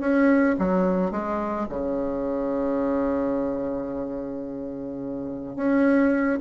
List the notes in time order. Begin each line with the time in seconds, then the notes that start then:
0.00 C#4
0.59 F#3
1.11 G#3
1.69 C#3
5.56 C#4